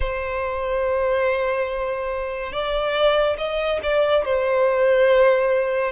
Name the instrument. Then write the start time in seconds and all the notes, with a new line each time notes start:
violin
0.00 C5
2.52 D5
3.37 D#5
3.83 D5
4.24 C5